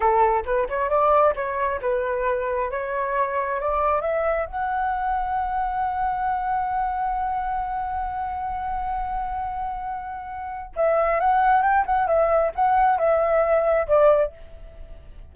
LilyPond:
\new Staff \with { instrumentName = "flute" } { \time 4/4 \tempo 4 = 134 a'4 b'8 cis''8 d''4 cis''4 | b'2 cis''2 | d''4 e''4 fis''2~ | fis''1~ |
fis''1~ | fis''1 | e''4 fis''4 g''8 fis''8 e''4 | fis''4 e''2 d''4 | }